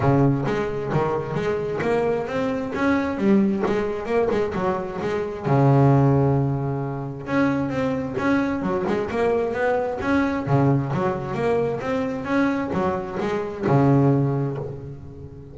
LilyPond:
\new Staff \with { instrumentName = "double bass" } { \time 4/4 \tempo 4 = 132 cis4 gis4 dis4 gis4 | ais4 c'4 cis'4 g4 | gis4 ais8 gis8 fis4 gis4 | cis1 |
cis'4 c'4 cis'4 fis8 gis8 | ais4 b4 cis'4 cis4 | fis4 ais4 c'4 cis'4 | fis4 gis4 cis2 | }